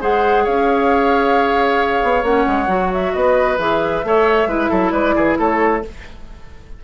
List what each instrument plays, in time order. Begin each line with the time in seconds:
0.00 bassoon G#3, clarinet G#4, oboe C5, flute F#5
0.43 bassoon C#4, oboe C#5, flute F5
2.03 bassoon B3
2.22 bassoon A#3, clarinet C#4, flute F#5
2.47 bassoon G#3
2.67 bassoon F#3, clarinet F#4
2.92 flute E5
3.13 bassoon B3, oboe B4, flute D#5
3.57 bassoon E3, clarinet G#4, flute E5
4.04 bassoon A3, clarinet A4, oboe C#5
4.46 bassoon G#3, clarinet E4, oboe B4
4.69 bassoon F#3, oboe A4
4.91 bassoon G#3, oboe B4, flute D5
5.15 bassoon E3, oboe G#4
5.38 bassoon A3, oboe A4, flute C#5